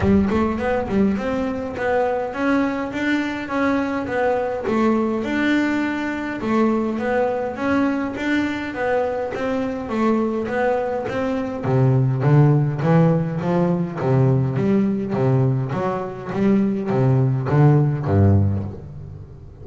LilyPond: \new Staff \with { instrumentName = "double bass" } { \time 4/4 \tempo 4 = 103 g8 a8 b8 g8 c'4 b4 | cis'4 d'4 cis'4 b4 | a4 d'2 a4 | b4 cis'4 d'4 b4 |
c'4 a4 b4 c'4 | c4 d4 e4 f4 | c4 g4 c4 fis4 | g4 c4 d4 g,4 | }